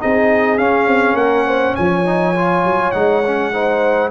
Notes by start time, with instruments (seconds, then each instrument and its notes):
0.00 tuba C4, trombone D#4, horn G#4, trumpet D#5
0.58 tuba C#4, trombone C#4, trumpet F5
0.87 tuba C4
1.14 tuba A#3, horn A#4, trumpet F#5
1.47 horn C5
1.75 tuba F3, horn C#5, trumpet G#5
2.05 trombone D#4
2.35 trombone F4
2.64 tuba F#3
2.92 tuba G#3, trombone D#4, trumpet F#5
3.26 trombone C#4
3.53 trombone D#4, horn C5